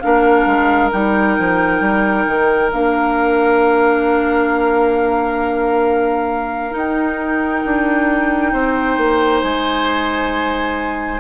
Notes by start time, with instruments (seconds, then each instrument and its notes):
0.00 bassoon A#3, clarinet D4, oboe A#4, flute F5
0.46 bassoon G#3
0.92 bassoon G3, clarinet D#4, flute G5
1.39 bassoon F3
1.81 bassoon G3
2.27 bassoon D#3
2.71 bassoon A#3, clarinet D4, flute F5
6.71 clarinet D#4, bassoon D#4, flute G5
7.65 bassoon D4
8.53 bassoon C4, oboe C5
8.97 bassoon A#3
9.41 bassoon G#3, flute G#5